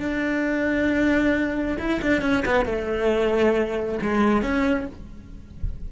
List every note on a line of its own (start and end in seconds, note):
0.00 1.78 D4
1.79 2.01 E4
2.02 2.22 D4
2.22 2.44 C#4
2.46 2.65 B3
2.65 3.99 A3
4.02 4.42 G#3
4.42 4.87 C#4